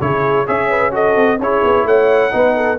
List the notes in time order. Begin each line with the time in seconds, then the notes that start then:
0.00 C#3 E4 G#4 C#5
0.46 C#4 G#4 C#5 E5
0.69 B4
0.91 F#4 A4 D#5
1.16 C4
1.39 C#4 E4 G#4 C#5
1.63 B3
1.84 A3 C#5 F#5
2.31 B3 D#4 B4
2.56 A4